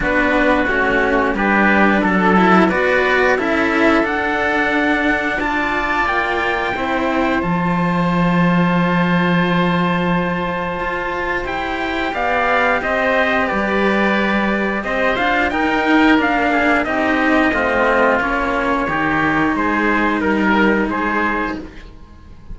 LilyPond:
<<
  \new Staff \with { instrumentName = "trumpet" } { \time 4/4 \tempo 4 = 89 b'4 fis'4 b'4 a'4 | d''4 e''4 fis''2 | a''4 g''2 a''4~ | a''1~ |
a''4 g''4 f''4 dis''4 | d''2 dis''8 f''8 g''4 | f''4 dis''2 cis''4~ | cis''4 c''4 ais'4 c''4 | }
  \new Staff \with { instrumentName = "oboe" } { \time 4/4 fis'2 g'4 a'4 | b'4 a'2. | d''2 c''2~ | c''1~ |
c''2 d''4 c''4 | b'2 c''4 ais'4~ | ais'8 gis'8 g'4 f'2 | g'4 gis'4 ais'4 gis'4 | }
  \new Staff \with { instrumentName = "cello" } { \time 4/4 d'4 cis'4 d'4. e'8 | fis'4 e'4 d'2 | f'2 e'4 f'4~ | f'1~ |
f'4 g'2.~ | g'2~ g'8 f'8 dis'4 | d'4 dis'4 c'4 cis'4 | dis'1 | }
  \new Staff \with { instrumentName = "cello" } { \time 4/4 b4 a4 g4 fis4 | b4 cis'4 d'2~ | d'4 ais4 c'4 f4~ | f1 |
f'4 e'4 b4 c'4 | g2 c'8 d'8 dis'4 | ais4 c'4 a4 ais4 | dis4 gis4 g4 gis4 | }
>>